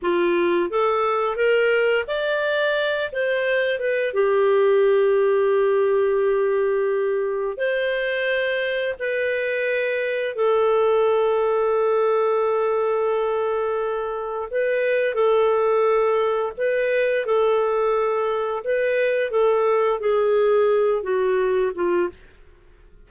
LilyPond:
\new Staff \with { instrumentName = "clarinet" } { \time 4/4 \tempo 4 = 87 f'4 a'4 ais'4 d''4~ | d''8 c''4 b'8 g'2~ | g'2. c''4~ | c''4 b'2 a'4~ |
a'1~ | a'4 b'4 a'2 | b'4 a'2 b'4 | a'4 gis'4. fis'4 f'8 | }